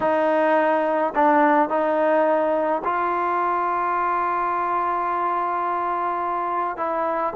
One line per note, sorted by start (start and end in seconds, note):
0.00 1.13 D#4
1.15 1.69 D4
1.69 2.82 D#4
2.84 6.76 F4
6.76 7.33 E4